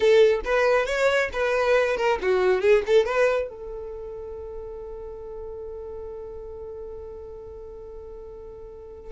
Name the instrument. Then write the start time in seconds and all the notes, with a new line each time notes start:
violin
0.00 A4
0.44 B4
0.86 C#5
1.32 B4
1.96 A#4
2.21 F#4
2.61 G#4
2.86 A4
3.05 B4
3.48 A4